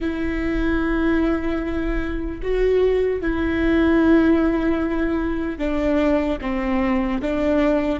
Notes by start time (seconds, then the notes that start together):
0.00 E4
2.42 F#4
3.21 E4
5.58 D4
6.41 C4
7.21 D4